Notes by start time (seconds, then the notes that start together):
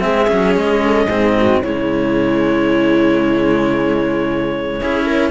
0.00 G#3 C4 G#4 E5
0.27 F#3 C#4
0.56 G#3 D#5
0.84 A4
1.06 G#2 C4 G#4
1.37 F#4
1.62 C#3 G#3 E4 C#5
4.81 C#4 E4 G#4
5.05 A#4